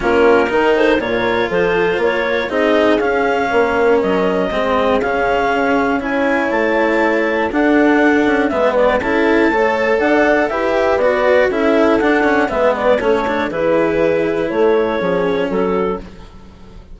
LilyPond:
<<
  \new Staff \with { instrumentName = "clarinet" } { \time 4/4 \tempo 4 = 120 ais'4. c''8 cis''4 c''4 | cis''4 dis''4 f''2 | dis''2 f''2 | gis''4 a''2 fis''4~ |
fis''4 e''8 d''8 a''2 | fis''4 e''4 d''4 e''4 | fis''4 e''8 d''8 cis''4 b'4~ | b'4 cis''2 a'4 | }
  \new Staff \with { instrumentName = "horn" } { \time 4/4 f'4 ais'8 a'8 ais'4 a'4 | ais'4 gis'2 ais'4~ | ais'4 gis'2. | cis''2. a'4~ |
a'4 b'4 a'4 cis''4 | d''4 b'2 a'4~ | a'4 b'4 a'4 gis'4~ | gis'4 a'4 gis'4 fis'4 | }
  \new Staff \with { instrumentName = "cello" } { \time 4/4 cis'4 dis'4 f'2~ | f'4 dis'4 cis'2~ | cis'4 c'4 cis'2 | e'2. d'4~ |
d'4 b4 e'4 a'4~ | a'4 g'4 fis'4 e'4 | d'8 cis'8 b4 cis'8 d'8 e'4~ | e'2 cis'2 | }
  \new Staff \with { instrumentName = "bassoon" } { \time 4/4 ais4 dis4 ais,4 f4 | ais4 c'4 cis'4 ais4 | fis4 gis4 cis2 | cis'4 a2 d'4~ |
d'8 cis'8 gis4 cis'4 a4 | d'4 e'4 b4 cis'4 | d'4 gis4 a4 e4~ | e4 a4 f4 fis4 | }
>>